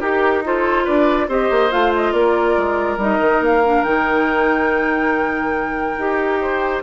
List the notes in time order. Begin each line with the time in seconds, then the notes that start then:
0.00 D#4 G4 A#4
0.44 F4 A4 C5
0.84 D4 B4 D5
1.28 C4 G4 C5 D#5
1.50 A#3
1.70 A3 F4 F5
1.95 D#5
2.12 A#3 A#4 D5
2.57 G#3
2.97 G3 D#4 D#5
3.20 D#3
3.40 A#3 F5
3.64 D4
3.83 D#3 D#4 G5
5.97 D#4 G4
6.41 C5